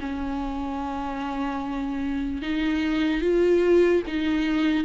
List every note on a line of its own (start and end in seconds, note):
0.00 2.42 C#4
2.42 3.21 D#4
3.21 4.02 F4
4.08 4.85 D#4